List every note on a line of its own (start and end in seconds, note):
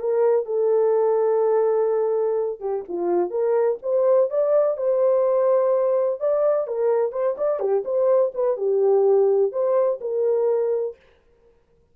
0.00 0.45 A#4
0.45 2.60 A4
2.60 2.83 G4
2.88 3.30 F4
3.30 3.78 A#4
3.82 4.30 C5
4.30 4.77 D5
4.77 6.19 C5
6.19 6.67 D5
6.67 7.12 A#4
7.12 7.36 C5
7.37 7.59 D5
7.59 7.83 G4
7.85 8.32 C5
8.34 8.56 B4
8.56 9.52 G4
9.52 9.99 C5
10.01 10.96 A#4